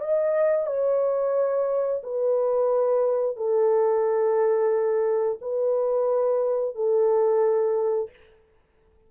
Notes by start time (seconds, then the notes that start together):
0.00 D#5
0.66 C#5
2.03 B4
3.36 A4
5.41 B4
6.75 A4